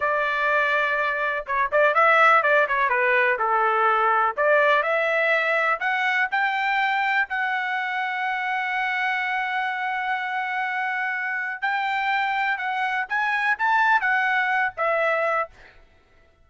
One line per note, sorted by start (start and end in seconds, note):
0.00 1.45 D5
1.46 1.70 C#5
1.71 1.94 D5
1.94 2.42 E5
2.42 2.67 D5
2.67 2.89 C#5
2.89 3.37 B4
3.38 4.35 A4
4.37 4.82 D5
4.82 5.79 E5
5.80 6.28 F#5
6.31 7.27 G5
7.29 11.61 F#5
11.61 12.57 G5
12.57 13.06 F#5
13.08 13.57 G#5
13.58 14.00 A5
14.00 14.73 F#5
14.77 15.49 E5